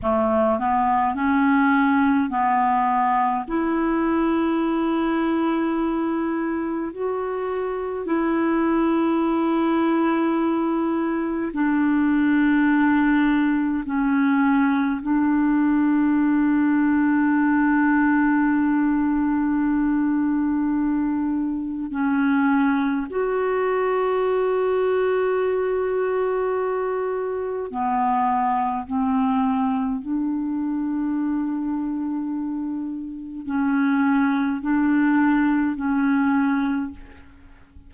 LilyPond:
\new Staff \with { instrumentName = "clarinet" } { \time 4/4 \tempo 4 = 52 a8 b8 cis'4 b4 e'4~ | e'2 fis'4 e'4~ | e'2 d'2 | cis'4 d'2.~ |
d'2. cis'4 | fis'1 | b4 c'4 d'2~ | d'4 cis'4 d'4 cis'4 | }